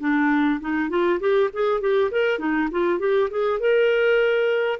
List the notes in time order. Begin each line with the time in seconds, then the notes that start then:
0.00 D4
0.61 D#4
0.90 F4
1.20 G4
1.53 G#4
1.81 G4
2.11 A#4
2.39 D#4
2.71 F4
2.99 G4
3.31 G#4
3.59 A#4